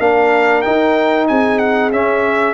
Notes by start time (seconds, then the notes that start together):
0.00 A#3 D4 A#4 F5
0.62 D#4 G5
1.28 C4 G#4 G#5
1.59 F#5
1.92 C#4 E5